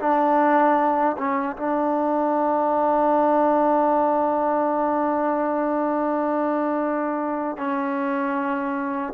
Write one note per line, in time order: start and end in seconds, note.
0.00 1.17 D4
1.18 1.57 C#4
1.57 7.58 D4
7.58 9.14 C#4